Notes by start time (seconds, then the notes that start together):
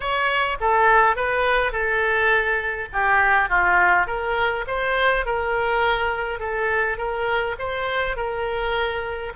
0.00 C#5
0.60 A4
1.15 B4
1.72 A4
2.92 G4
3.49 F4
4.06 A#4
4.67 C5
5.25 A#4
6.39 A4
6.97 A#4
7.58 C5
8.16 A#4